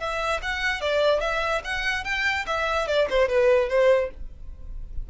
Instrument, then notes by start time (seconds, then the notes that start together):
violin
0.00 E5
0.42 F#5
0.81 D5
1.21 E5
1.65 F#5
2.05 G5
2.47 E5
2.88 D5
3.10 C5
3.29 B4
3.69 C5